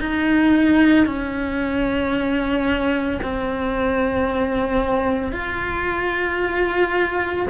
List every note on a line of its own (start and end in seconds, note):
0.00 1.06 D#4
1.06 3.20 C#4
3.22 5.32 C4
5.32 7.47 F4